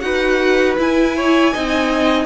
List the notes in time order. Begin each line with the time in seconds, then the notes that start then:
0.00 D#4 F#4 B4 F#5
0.78 E4 G#5
1.16 C#5
1.53 C4 D#4 D#5